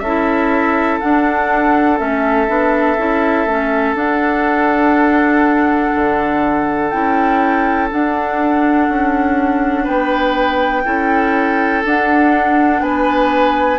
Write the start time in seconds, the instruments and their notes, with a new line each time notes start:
0.00 bassoon C#4, clarinet E4, oboe A4, flute E5
1.00 clarinet D4, bassoon D4, flute F#5
1.98 bassoon A3, clarinet C#4, flute E5
2.48 bassoon B3, clarinet D4
2.98 bassoon C#4, clarinet E4
3.46 bassoon A3, clarinet C#4
3.94 bassoon D4, clarinet D4, flute F#5
5.95 bassoon D3
6.90 bassoon C#4, clarinet E4, flute G5
7.91 clarinet D4, bassoon D4, flute F#5
8.89 bassoon C#4
9.84 bassoon B3, oboe B4, flute G5
10.85 bassoon C#4, clarinet E4, oboe A4
11.85 bassoon D4, clarinet D4, flute F#5
12.81 bassoon B3, oboe B4, flute G#5